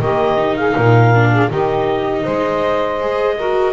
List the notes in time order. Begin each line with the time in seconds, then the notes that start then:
0.00 D#3 A#3 G4 D#5
0.38 D#4
0.57 G#4 F5
0.74 A#2 A#4
1.15 D4
1.33 G#4
1.49 D#3 D#4 G4 D#5
2.24 G#3 C5
3.02 G#4
3.38 F#4 A#4